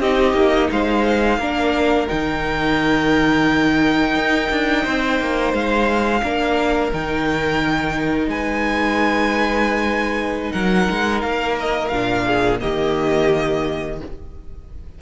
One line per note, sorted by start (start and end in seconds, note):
0.00 0.34 C4
0.00 1.41 D#4
0.00 0.70 G4
0.00 0.71 D#5
0.34 0.69 A#3
0.71 1.39 G#3
0.71 1.39 C5
0.71 2.09 F5
1.39 2.08 A#3
1.39 2.08 D4
1.39 4.83 A#4
2.08 4.16 D#3
2.08 6.22 D#4
2.08 5.53 G5
4.16 4.50 D#4
4.51 4.86 D4
4.83 5.21 C4
4.83 6.21 C5
5.21 5.53 A#3
5.53 6.22 G#3
5.53 6.93 F5
6.22 6.92 A#3
6.22 6.92 D4
6.22 8.29 A#4
6.93 8.27 D#3
6.93 11.92 D#4
6.93 8.30 G5
8.27 10.52 G#3
8.27 10.53 B4
8.27 10.52 G#5
10.52 10.89 F#3
10.52 12.25 A#4
10.52 11.21 F#5
10.91 11.24 G#3
11.21 11.92 A#3
11.21 11.56 F5
11.60 11.89 D#5
11.89 12.61 A#2
11.89 12.60 D4
11.89 12.58 F5
12.27 12.61 G#4
12.60 14.02 D#3
12.60 13.98 A#3
12.60 13.99 G4
12.60 13.99 D#5